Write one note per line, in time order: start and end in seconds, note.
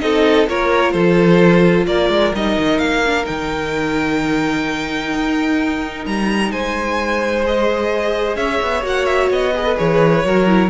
0.00 0.47 C4
0.00 0.47 D#4
0.00 0.49 A4
0.00 0.47 D#5
0.47 0.94 A#3
0.47 2.35 F4
0.47 0.93 A#4
0.47 0.91 C#5
0.91 1.86 F3
0.91 1.86 A4
0.91 1.84 C5
1.86 2.09 A#3
1.86 6.52 A#4
1.86 2.33 D5
2.09 2.32 G#3
2.34 2.57 G3
2.34 3.05 D#4
2.34 2.78 D#5
2.58 2.80 D#3
2.78 3.26 A#3
2.78 3.25 F5
3.06 3.24 D4
3.24 5.14 D#3
3.24 7.42 D#4
3.24 6.05 G5
5.14 6.06 D#4
6.06 6.51 G3
6.06 6.51 A#5
6.51 8.36 G#3
6.51 8.37 C5
6.51 7.44 G#5
7.44 8.82 G#4
7.44 8.37 D#5
8.36 8.59 C#4
8.36 9.54 C#5
8.36 8.83 E5
8.62 8.84 B3
8.82 9.30 A#3
8.82 9.52 F#4
8.82 9.06 F#5
9.06 9.29 E5
9.31 9.77 B3
9.31 9.77 D#5
9.54 9.65 G#4
9.54 10.26 B4
9.65 9.76 A4
9.76 10.24 E3
9.76 10.22 G#4
9.76 10.70 C#5
10.24 10.70 F#3
10.24 10.47 F#4
10.24 10.70 A#4
10.47 10.70 E4